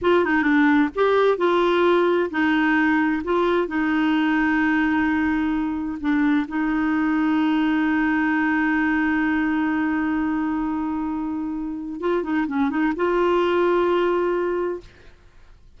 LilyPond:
\new Staff \with { instrumentName = "clarinet" } { \time 4/4 \tempo 4 = 130 f'8 dis'8 d'4 g'4 f'4~ | f'4 dis'2 f'4 | dis'1~ | dis'4 d'4 dis'2~ |
dis'1~ | dis'1~ | dis'2 f'8 dis'8 cis'8 dis'8 | f'1 | }